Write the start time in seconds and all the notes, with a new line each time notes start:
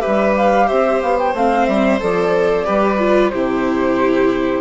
0.00 G4 B4 E5
0.06 G3
0.37 F5
0.67 C4 C5 E5
1.02 B3 F5
1.19 G5
1.34 A3 C4 F5
1.65 G3 E5
2.00 F3 A4 D5
2.64 G3 G4 B4
2.99 F4
3.30 C3 E4 G4 C5